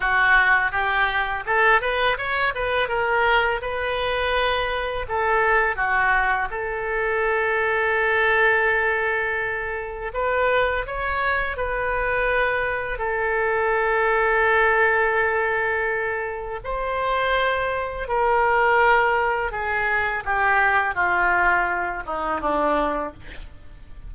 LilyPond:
\new Staff \with { instrumentName = "oboe" } { \time 4/4 \tempo 4 = 83 fis'4 g'4 a'8 b'8 cis''8 b'8 | ais'4 b'2 a'4 | fis'4 a'2.~ | a'2 b'4 cis''4 |
b'2 a'2~ | a'2. c''4~ | c''4 ais'2 gis'4 | g'4 f'4. dis'8 d'4 | }